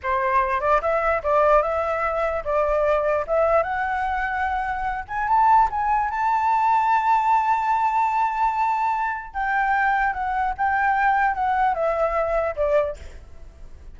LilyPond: \new Staff \with { instrumentName = "flute" } { \time 4/4 \tempo 4 = 148 c''4. d''8 e''4 d''4 | e''2 d''2 | e''4 fis''2.~ | fis''8 gis''8 a''4 gis''4 a''4~ |
a''1~ | a''2. g''4~ | g''4 fis''4 g''2 | fis''4 e''2 d''4 | }